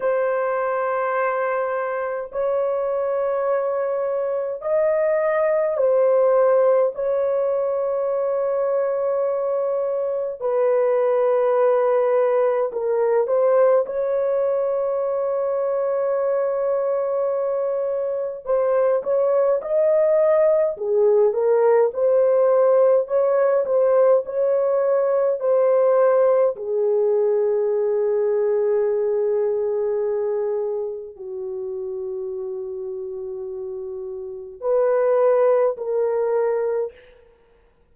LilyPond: \new Staff \with { instrumentName = "horn" } { \time 4/4 \tempo 4 = 52 c''2 cis''2 | dis''4 c''4 cis''2~ | cis''4 b'2 ais'8 c''8 | cis''1 |
c''8 cis''8 dis''4 gis'8 ais'8 c''4 | cis''8 c''8 cis''4 c''4 gis'4~ | gis'2. fis'4~ | fis'2 b'4 ais'4 | }